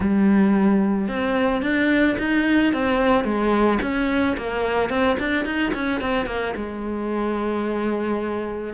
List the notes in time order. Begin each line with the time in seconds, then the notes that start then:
0.00 G3
1.08 C4
1.62 D4
2.18 D#4
2.73 C4
3.24 G#3
3.82 C#4
4.37 A#3
4.89 C4
5.19 D4
5.45 D#4
5.74 C#4
6.00 C4
6.26 A#3
6.56 G#3